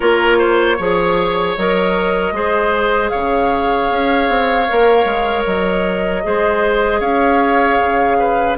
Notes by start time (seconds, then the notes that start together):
0.00 A#3 F4 A#4 C#5
0.38 C5
0.77 F3 G#4 C#5
1.57 F#3 A#4 D#5
2.31 G#3 G#4 C5
3.09 C#3 C#5 F5
3.91 C#4
4.29 C4
4.68 A#3 A#4
5.05 G#3
5.45 F#3 D#5
6.23 G#3 G#4 C5
7.00 C#4 C#5 F5
7.78 C#3
8.19 B4